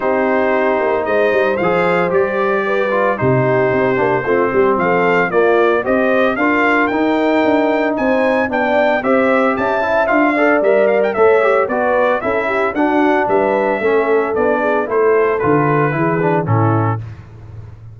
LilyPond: <<
  \new Staff \with { instrumentName = "trumpet" } { \time 4/4 \tempo 4 = 113 c''2 dis''4 f''4 | d''2 c''2~ | c''4 f''4 d''4 dis''4 | f''4 g''2 gis''4 |
g''4 e''4 a''4 f''4 | e''8 f''16 g''16 e''4 d''4 e''4 | fis''4 e''2 d''4 | c''4 b'2 a'4 | }
  \new Staff \with { instrumentName = "horn" } { \time 4/4 g'2 c''2~ | c''4 b'4 g'2 | f'8 g'8 a'4 f'4 c''4 | ais'2. c''4 |
d''4 c''4 e''4. d''8~ | d''4 cis''4 b'4 a'8 g'8 | fis'4 b'4 a'4. gis'8 | a'2 gis'4 e'4 | }
  \new Staff \with { instrumentName = "trombone" } { \time 4/4 dis'2. gis'4 | g'4. f'8 dis'4. d'8 | c'2 ais4 g'4 | f'4 dis'2. |
d'4 g'4. e'8 f'8 a'8 | ais'4 a'8 g'8 fis'4 e'4 | d'2 cis'4 d'4 | e'4 f'4 e'8 d'8 cis'4 | }
  \new Staff \with { instrumentName = "tuba" } { \time 4/4 c'4. ais8 gis8 g8 f4 | g2 c4 c'8 ais8 | a8 g8 f4 ais4 c'4 | d'4 dis'4 d'4 c'4 |
b4 c'4 cis'4 d'4 | g4 a4 b4 cis'4 | d'4 g4 a4 b4 | a4 d4 e4 a,4 | }
>>